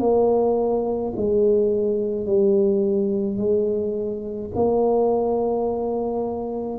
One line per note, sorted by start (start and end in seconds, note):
0.00 1.13 A#3
1.17 2.26 G#3
2.26 3.38 G3
3.38 4.51 G#3
4.56 6.79 A#3